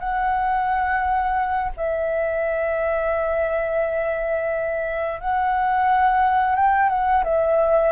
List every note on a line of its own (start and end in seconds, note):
0.00 1.72 F#5
1.77 5.21 E5
5.21 6.56 F#5
6.56 6.89 G5
6.89 7.24 F#5
7.24 7.92 E5